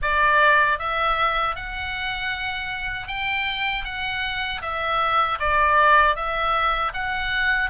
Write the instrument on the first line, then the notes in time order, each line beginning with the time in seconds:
oboe
0.02 D5
0.78 E5
1.55 F#5
3.07 G5
3.84 F#5
4.61 E5
5.39 D5
6.15 E5
6.93 F#5